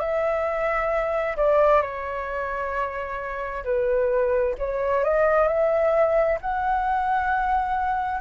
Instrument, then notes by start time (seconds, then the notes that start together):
flute
0.00 E5
1.37 D5
1.82 C#5
3.64 B4
4.59 C#5
5.04 D#5
5.48 E5
6.41 F#5